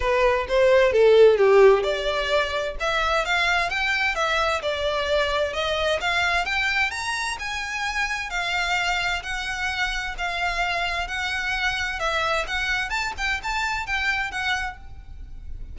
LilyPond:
\new Staff \with { instrumentName = "violin" } { \time 4/4 \tempo 4 = 130 b'4 c''4 a'4 g'4 | d''2 e''4 f''4 | g''4 e''4 d''2 | dis''4 f''4 g''4 ais''4 |
gis''2 f''2 | fis''2 f''2 | fis''2 e''4 fis''4 | a''8 g''8 a''4 g''4 fis''4 | }